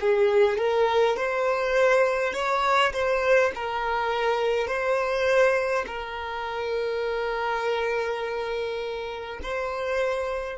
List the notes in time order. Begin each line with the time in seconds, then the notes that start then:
0.00 G#4
0.58 A#4
1.17 C5
2.34 C#5
2.93 C5
3.55 A#4
4.67 C5
5.87 A#4
9.43 C5